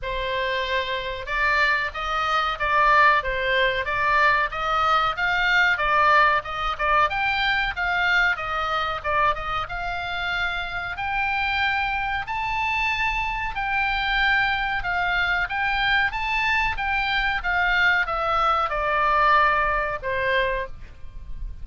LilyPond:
\new Staff \with { instrumentName = "oboe" } { \time 4/4 \tempo 4 = 93 c''2 d''4 dis''4 | d''4 c''4 d''4 dis''4 | f''4 d''4 dis''8 d''8 g''4 | f''4 dis''4 d''8 dis''8 f''4~ |
f''4 g''2 a''4~ | a''4 g''2 f''4 | g''4 a''4 g''4 f''4 | e''4 d''2 c''4 | }